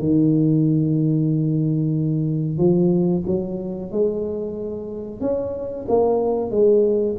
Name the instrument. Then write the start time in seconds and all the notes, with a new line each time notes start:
tuba
0.00 D#3
2.58 F3
3.27 F#3
3.92 G#3
5.21 C#4
5.88 A#3
6.51 G#3